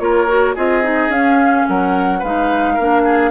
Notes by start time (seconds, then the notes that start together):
0.00 A#3 F4 A#4 C#5
0.28 F#4
0.55 C4 F4 G#4 D#5
0.84 D#4
1.09 C#4 F5
1.69 F#3 A#4 F#5
2.19 G#3 D#4 B4 F5
2.75 A#3 D4 A#4
3.05 G#4